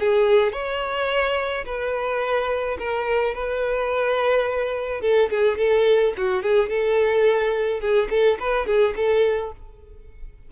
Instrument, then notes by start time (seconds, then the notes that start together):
violin
0.00 G#4
0.53 C#5
1.66 B4
2.79 A#4
3.35 B4
5.02 A4
5.31 G#4
5.58 A4
6.18 F#4
6.43 G#4
6.70 A4
7.81 G#4
8.10 A4
8.40 B4
8.67 G#4
8.97 A4